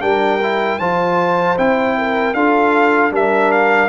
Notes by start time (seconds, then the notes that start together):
0.00 G3 D4 A#4 G5
0.42 E4
0.79 F3 F4 C5 A5
1.57 C4 E4 G5
1.98 A#4
2.34 D4 F4 A4 F5
3.11 G3 D4 A#4 E5
3.51 F5